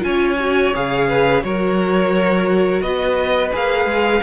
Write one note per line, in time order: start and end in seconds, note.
0.00 0.74 C#4
0.00 0.35 F4
0.00 0.73 G#5
0.06 1.08 C#5
0.40 0.74 F#4
0.74 1.43 C#3
0.74 1.41 G#4
0.74 1.43 F5
1.08 1.43 B4
1.41 2.82 F#3
1.41 3.51 F#4
1.41 2.83 A#4
1.41 2.82 C#5
2.82 3.51 B3
2.82 4.23 B4
2.82 3.52 D#5
3.52 3.86 A#3
3.52 4.22 G#4
3.52 4.23 F5
3.86 4.20 G#3